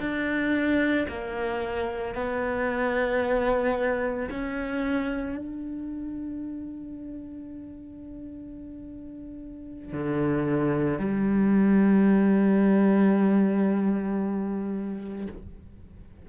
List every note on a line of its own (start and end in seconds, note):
0.00 1.07 D4
1.09 2.15 A#3
2.15 4.29 B3
4.31 5.38 C#4
5.38 9.93 D4
9.93 10.99 D3
10.99 15.28 G3